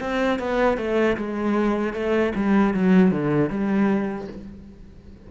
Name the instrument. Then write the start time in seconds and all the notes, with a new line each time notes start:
cello
0.00 C4
0.39 B3
0.77 A3
1.17 G#3
1.93 A3
2.35 G3
2.73 F#3
3.11 D3
3.49 G3